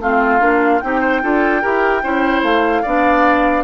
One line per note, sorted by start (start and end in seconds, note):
0.00 0.41 A3
0.00 0.40 C4
0.00 0.83 F4
0.00 0.80 F5
0.40 0.81 A#3
0.40 0.81 D4
0.80 1.23 C4
0.80 1.23 D#4
0.80 1.01 G4
0.80 2.42 G5
1.01 1.21 C5
1.23 1.64 D4
1.23 1.62 F4
1.23 1.62 A4
1.62 2.04 E4
1.62 2.03 G4
1.62 2.02 A#4
2.03 2.43 C#4
2.03 2.84 E4
2.03 2.83 C5
2.43 2.83 A3
2.43 3.64 F5
2.83 3.64 B3
2.83 3.64 D4
2.83 3.64 D5